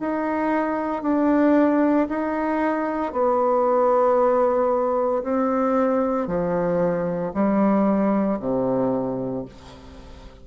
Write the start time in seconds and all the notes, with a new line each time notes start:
0.00 D#4
1.02 D4
2.09 D#4
3.12 B3
5.23 C4
6.27 F3
7.33 G3
8.39 C3